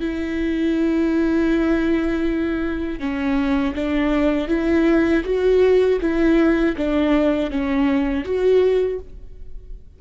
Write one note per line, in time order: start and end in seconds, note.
0.00 2.99 E4
2.99 3.74 C#4
3.75 4.48 D4
4.48 5.23 E4
5.24 5.99 F#4
6.01 6.76 E4
6.77 7.50 D4
7.50 8.24 C#4
8.24 8.99 F#4